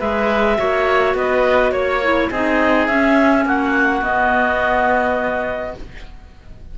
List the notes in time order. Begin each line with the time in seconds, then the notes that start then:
0.00 G#3 G#4 B4 E5
0.57 A#3 F#4 C#5
1.15 B3 B4 D#5
1.72 A#3 C#5
2.03 E4
2.30 C4 D#4 G#4 D#5
2.87 C#4 E5
3.46 A#3 F#4 F#5
4.02 B3 D#5